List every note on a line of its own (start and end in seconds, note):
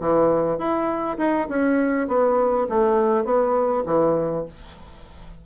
0.00 0.58 E3
0.58 1.17 E4
1.18 1.47 D#4
1.49 2.08 C#4
2.08 2.67 B3
2.69 3.24 A3
3.24 3.84 B3
3.86 4.45 E3